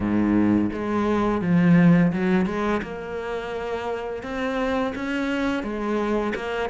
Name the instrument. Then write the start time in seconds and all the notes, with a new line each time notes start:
cello
0.00 G#2
0.72 G#3
1.41 F3
2.12 F#3
2.45 G#3
2.82 A#3
4.23 C4
4.95 C#4
5.63 G#3
6.35 A#3